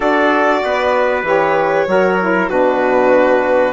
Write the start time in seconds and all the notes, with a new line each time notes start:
0.00 D4 F#4 A4 D5
0.64 B3 B4
1.22 E3 G4 C#5
1.87 F#3 F#4 A#4
2.20 E4
2.49 B2 D4 F#4 B4